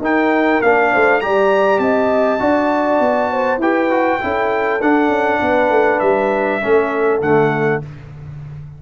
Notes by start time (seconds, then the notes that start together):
0.00 D#4 A#4 G5
0.62 A#3 D4 F5
0.92 A3 C5
1.21 G3 G4 D5 A#5
1.79 C4 D#5 A5
2.40 D4 F#4 D5
3.00 B3
3.32 C5
3.58 E4 G4 B4 G5
3.91 F#4
4.21 C#4 E4 A4
4.82 D4 F#5
5.09 C#4
5.41 B3 B4
5.70 A3
6.00 G3 E5
6.62 A3 C#4 A4
7.21 D3 A3 F#5